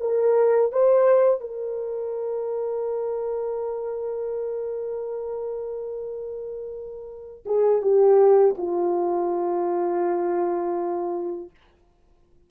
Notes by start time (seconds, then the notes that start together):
0.00 A#4
0.72 C5
1.40 A#4
7.45 G#4
7.82 G4
8.57 F4